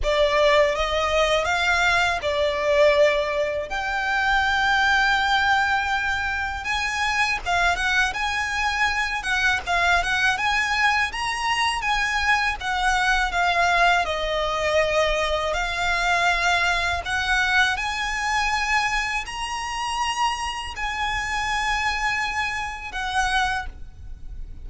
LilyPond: \new Staff \with { instrumentName = "violin" } { \time 4/4 \tempo 4 = 81 d''4 dis''4 f''4 d''4~ | d''4 g''2.~ | g''4 gis''4 f''8 fis''8 gis''4~ | gis''8 fis''8 f''8 fis''8 gis''4 ais''4 |
gis''4 fis''4 f''4 dis''4~ | dis''4 f''2 fis''4 | gis''2 ais''2 | gis''2. fis''4 | }